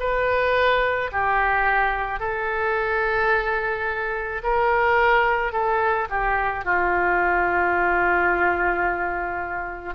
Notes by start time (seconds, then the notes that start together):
0.00 B4
1.13 G4
2.20 A4
4.43 A#4
5.53 A4
6.10 G4
6.65 F4